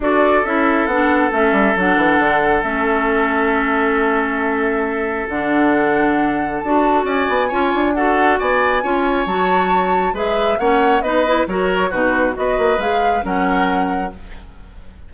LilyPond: <<
  \new Staff \with { instrumentName = "flute" } { \time 4/4 \tempo 4 = 136 d''4 e''4 fis''4 e''4 | fis''2 e''2~ | e''1 | fis''2. a''4 |
gis''2 fis''4 gis''4~ | gis''4 a''2 e''4 | fis''4 dis''4 cis''4 b'4 | dis''4 f''4 fis''2 | }
  \new Staff \with { instrumentName = "oboe" } { \time 4/4 a'1~ | a'1~ | a'1~ | a'1 |
d''4 cis''4 a'4 d''4 | cis''2. b'4 | cis''4 b'4 ais'4 fis'4 | b'2 ais'2 | }
  \new Staff \with { instrumentName = "clarinet" } { \time 4/4 fis'4 e'4 d'4 cis'4 | d'2 cis'2~ | cis'1 | d'2. fis'4~ |
fis'4 f'4 fis'2 | f'4 fis'2 gis'4 | cis'4 dis'8 e'8 fis'4 dis'4 | fis'4 gis'4 cis'2 | }
  \new Staff \with { instrumentName = "bassoon" } { \time 4/4 d'4 cis'4 b4 a8 g8 | fis8 e8 d4 a2~ | a1 | d2. d'4 |
cis'8 b8 cis'8 d'4. b4 | cis'4 fis2 gis4 | ais4 b4 fis4 b,4 | b8 ais8 gis4 fis2 | }
>>